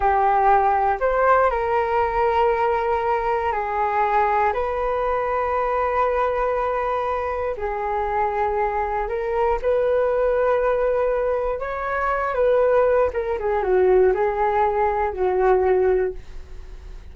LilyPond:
\new Staff \with { instrumentName = "flute" } { \time 4/4 \tempo 4 = 119 g'2 c''4 ais'4~ | ais'2. gis'4~ | gis'4 b'2.~ | b'2. gis'4~ |
gis'2 ais'4 b'4~ | b'2. cis''4~ | cis''8 b'4. ais'8 gis'8 fis'4 | gis'2 fis'2 | }